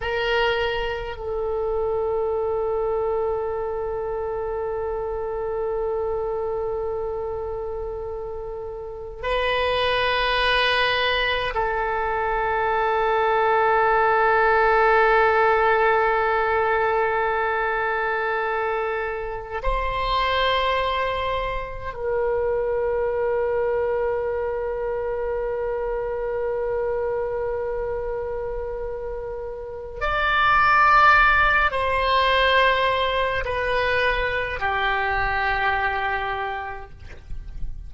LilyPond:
\new Staff \with { instrumentName = "oboe" } { \time 4/4 \tempo 4 = 52 ais'4 a'2.~ | a'1 | b'2 a'2~ | a'1~ |
a'4 c''2 ais'4~ | ais'1~ | ais'2 d''4. c''8~ | c''4 b'4 g'2 | }